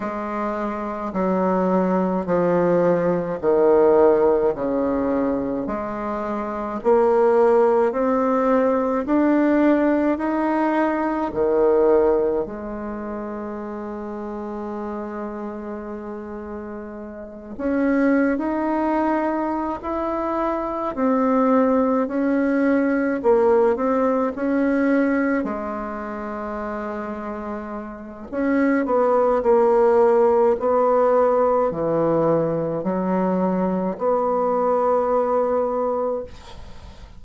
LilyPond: \new Staff \with { instrumentName = "bassoon" } { \time 4/4 \tempo 4 = 53 gis4 fis4 f4 dis4 | cis4 gis4 ais4 c'4 | d'4 dis'4 dis4 gis4~ | gis2.~ gis8 cis'8~ |
cis'16 dis'4~ dis'16 e'4 c'4 cis'8~ | cis'8 ais8 c'8 cis'4 gis4.~ | gis4 cis'8 b8 ais4 b4 | e4 fis4 b2 | }